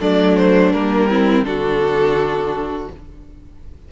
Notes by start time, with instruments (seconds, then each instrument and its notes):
0.00 cello F#3, viola A3, violin D4 D5
0.37 violin C5
0.72 cello G3, viola A#3, violin A#4
1.09 viola C4, violin E4
1.43 cello D3, viola D4, violin F#4 A4